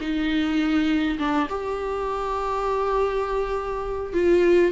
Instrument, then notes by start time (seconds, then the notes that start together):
viola
0.00 D#4
1.19 D4
1.49 G4
4.13 F4